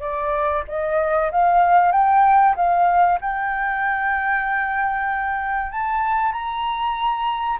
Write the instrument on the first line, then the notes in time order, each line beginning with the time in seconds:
flute
0.00 D5
0.67 D#5
1.31 F5
1.91 G5
2.55 F5
3.21 G5
5.72 A5
6.32 A#5